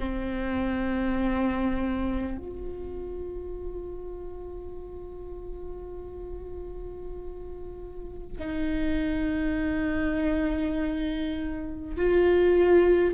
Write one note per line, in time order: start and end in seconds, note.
0.00 2.38 C4
2.38 8.38 F4
8.38 11.97 D#4
11.97 13.15 F4